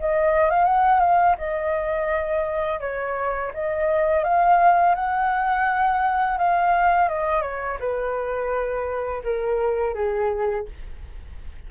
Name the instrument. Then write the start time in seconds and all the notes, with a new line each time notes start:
flute
0.00 D#5
0.51 F5
0.65 F#5
1.00 F5
1.38 D#5
2.81 C#5
3.54 D#5
4.24 F5
4.95 F#5
6.38 F5
7.09 D#5
7.43 C#5
7.80 B4
9.24 A#4
9.95 G#4